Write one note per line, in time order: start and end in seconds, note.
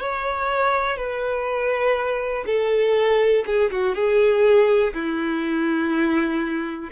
0.00 0.97 C#5
0.97 2.44 B4
2.46 3.44 A4
3.46 3.70 G#4
3.71 3.95 F#4
3.95 4.93 G#4
4.93 6.90 E4